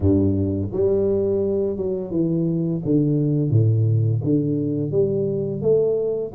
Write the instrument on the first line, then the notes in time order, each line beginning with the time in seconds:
tuba
0.00 G2
0.72 G3
1.76 F#3
2.10 E3
2.84 D3
3.50 A2
4.23 D3
4.91 G3
5.61 A3